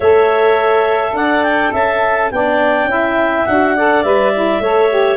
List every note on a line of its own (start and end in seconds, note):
0.00 1.12 A3
0.00 2.32 A4
0.00 1.12 C#5
0.00 1.15 E5
1.12 1.70 D4
1.12 1.72 D5
1.12 1.43 F#5
1.43 1.72 G5
1.72 2.31 C#4
1.72 2.29 E5
1.72 2.31 A5
2.31 2.84 B3
2.31 2.88 D4
2.31 2.90 D5
2.31 3.46 G5
2.84 3.41 C#4
2.84 3.46 E4
2.90 3.75 E5
3.46 4.03 D4
3.46 3.77 F#4
3.46 4.03 F#5
3.75 4.03 A4
3.75 4.62 D5
4.03 4.59 G3
4.03 4.32 B4
4.03 5.16 E5
4.33 4.62 E4
4.59 5.16 A3
4.59 4.89 A4
4.59 5.16 C#5
4.89 5.16 G4